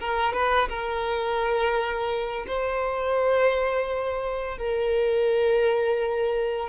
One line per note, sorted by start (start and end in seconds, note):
0.00 0.34 A#4
0.34 0.69 B4
0.69 2.46 A#4
2.47 4.58 C5
4.58 6.69 A#4